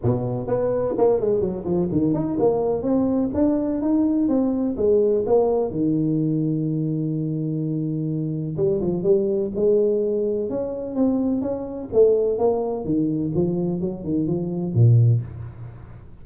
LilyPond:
\new Staff \with { instrumentName = "tuba" } { \time 4/4 \tempo 4 = 126 b,4 b4 ais8 gis8 fis8 f8 | dis8 dis'8 ais4 c'4 d'4 | dis'4 c'4 gis4 ais4 | dis1~ |
dis2 g8 f8 g4 | gis2 cis'4 c'4 | cis'4 a4 ais4 dis4 | f4 fis8 dis8 f4 ais,4 | }